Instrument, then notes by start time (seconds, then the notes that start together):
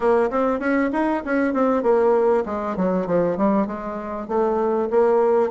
bassoon
0.00 A#3
0.30 C4
0.59 C#4
0.92 D#4
1.25 C#4
1.53 C4
1.82 A#3
2.45 G#3
2.76 F#3
3.06 F3
3.37 G3
3.67 G#3
4.27 A3
4.90 A#3